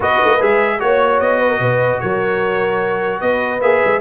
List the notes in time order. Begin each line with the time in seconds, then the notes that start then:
0.00 B3 F#4 B4 D#5
0.24 A#3
0.40 G#3 G#4 E5
0.79 A#3 F#4 C#5
1.19 B3 D#5
1.39 B4
1.49 A#4
1.59 B2 B4
2.00 F#3 A#4 C#5
3.20 B3 B4 D#5
3.61 A#3 G#4 E5
3.84 G#3